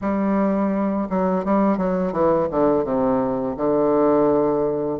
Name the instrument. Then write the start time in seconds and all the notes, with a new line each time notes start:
bassoon
0.01 G3
1.09 F#3
1.44 G3
1.77 F#3
2.12 E3
2.50 D3
2.84 C3
3.56 D3